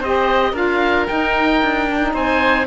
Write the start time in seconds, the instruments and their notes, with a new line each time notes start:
0.00 cello C4, saxophone G4, oboe C5 D#5
0.52 cello D4, saxophone F4, oboe A#4 F5
1.07 saxophone D#4, cello D#4, oboe G5
1.62 cello D4
1.87 saxophone D4
2.00 saxophone D#4
2.14 cello C4, oboe C5 G#5